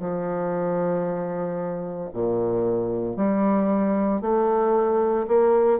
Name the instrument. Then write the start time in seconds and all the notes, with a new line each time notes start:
bassoon
0.00 F3
2.14 A#2
3.17 G3
4.22 A3
5.28 A#3